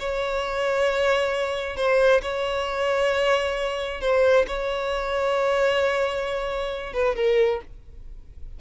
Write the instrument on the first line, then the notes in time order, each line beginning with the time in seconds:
violin
0.00 C#5
1.77 C5
2.22 C#5
4.02 C5
4.48 C#5
6.94 B4
7.16 A#4